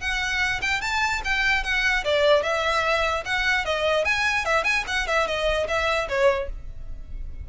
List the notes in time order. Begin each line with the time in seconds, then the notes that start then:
0.00 F#5
0.62 G5
0.81 A5
1.24 G5
1.63 F#5
2.04 D5
2.43 E5
3.25 F#5
3.65 D#5
4.05 G#5
4.45 E5
4.64 G#5
4.87 F#5
5.07 E5
5.27 D#5
5.68 E5
6.09 C#5